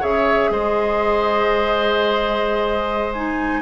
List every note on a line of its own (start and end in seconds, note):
0.00 0.50 C#3
0.00 3.12 G#4
0.00 0.51 C#5
0.00 0.52 E5
0.50 3.62 G#3
0.50 3.62 C5
0.50 3.13 D#5
3.13 3.62 D#4
3.13 3.62 G#5